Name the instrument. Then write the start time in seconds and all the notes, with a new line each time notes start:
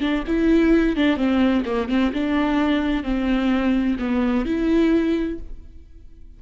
viola
0.00 D4
0.27 E4
0.96 D4
1.16 C4
1.65 A#3
1.88 C4
2.13 D4
3.03 C4
3.98 B3
4.45 E4